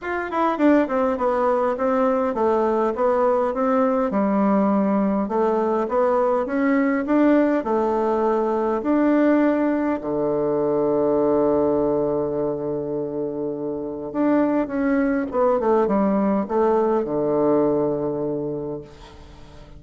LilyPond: \new Staff \with { instrumentName = "bassoon" } { \time 4/4 \tempo 4 = 102 f'8 e'8 d'8 c'8 b4 c'4 | a4 b4 c'4 g4~ | g4 a4 b4 cis'4 | d'4 a2 d'4~ |
d'4 d2.~ | d1 | d'4 cis'4 b8 a8 g4 | a4 d2. | }